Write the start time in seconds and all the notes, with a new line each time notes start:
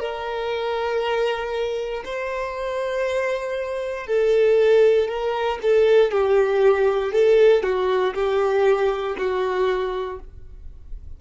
0.00 A#4
2.05 C5
4.07 A4
5.08 A#4
5.63 A4
6.12 G4
7.12 A4
7.63 F#4
8.14 G4
9.18 F#4